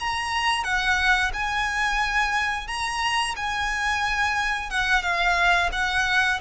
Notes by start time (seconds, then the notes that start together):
0.00 A#5
0.64 F#5
1.34 G#5
2.68 A#5
3.36 G#5
4.70 F#5
5.03 F5
5.72 F#5